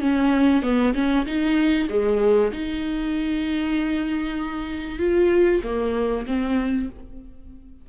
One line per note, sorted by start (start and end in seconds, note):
0.00 0.62 C#4
0.62 0.93 B3
0.94 1.25 C#4
1.26 1.88 D#4
1.89 2.51 G#3
2.52 4.99 D#4
4.99 5.61 F4
5.63 6.26 A#3
6.26 6.89 C4